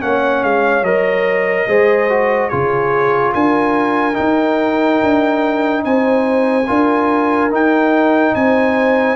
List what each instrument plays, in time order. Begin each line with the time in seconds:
0.00 tuba A#3, trombone C#4, horn C#5, trumpet F#5
0.43 tuba G#3, trumpet F5
0.83 tuba F#3, trombone A#4, trumpet D#5
1.67 tuba G#3, trombone G#4, horn C5
2.10 trombone F#4
2.49 tuba C#3, trombone F4, horn G#4, trumpet C#5
3.34 tuba D4, horn A#4, trumpet G#5
4.14 trombone D#4, tuba D#4, trumpet G5
5.03 tuba D4
5.85 tuba C4, horn C5, trumpet G#5
6.68 tuba D4, trombone F4, horn A#4
7.51 trombone D#4, tuba D#4, trumpet G5
8.35 tuba C4, horn C5, trumpet G#5